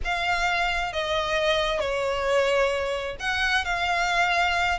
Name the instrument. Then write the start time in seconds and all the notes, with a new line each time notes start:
violin
0.04 F5
0.92 D#5
1.80 C#5
3.19 F#5
3.65 F5